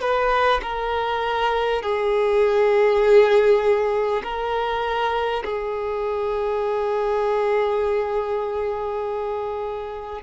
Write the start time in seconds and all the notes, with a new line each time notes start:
0.00 B4
0.62 A#4
1.82 G#4
4.23 A#4
5.44 G#4